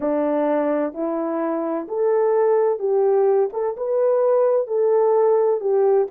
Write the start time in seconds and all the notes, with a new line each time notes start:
0.00 D4
0.93 E4
1.87 A4
2.79 G4
3.52 A4
3.77 B4
4.67 A4
5.60 G4